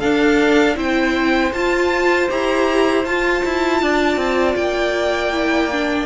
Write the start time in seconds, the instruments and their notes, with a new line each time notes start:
0.00 viola D4, cello D4, violin A4 F5
0.75 cello C4, viola E4, violin C5 G5
1.53 cello F4, viola F4, violin A5
2.30 cello E4, viola G4, violin A#5
3.05 cello F4, viola F4, violin A5
3.45 cello E4
3.82 cello D4, violin D5
4.17 cello C4
4.56 cello A#3, violin G5
5.33 viola E4
5.72 viola D4